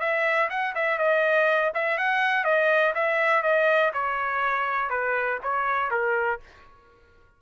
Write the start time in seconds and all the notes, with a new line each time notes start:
0.00 E5
0.50 F#5
0.75 E5
0.98 D#5
1.74 E5
1.98 F#5
2.45 D#5
2.95 E5
3.43 D#5
3.94 C#5
4.90 B4
5.43 C#5
5.91 A#4